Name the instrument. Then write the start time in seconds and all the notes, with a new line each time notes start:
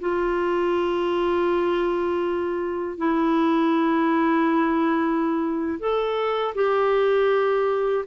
clarinet
0.00 F4
2.98 E4
5.79 A4
6.55 G4